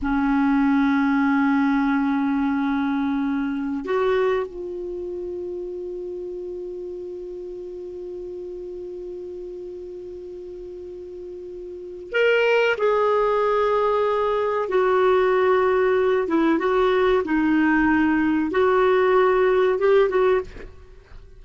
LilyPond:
\new Staff \with { instrumentName = "clarinet" } { \time 4/4 \tempo 4 = 94 cis'1~ | cis'2 fis'4 f'4~ | f'1~ | f'1~ |
f'2. ais'4 | gis'2. fis'4~ | fis'4. e'8 fis'4 dis'4~ | dis'4 fis'2 g'8 fis'8 | }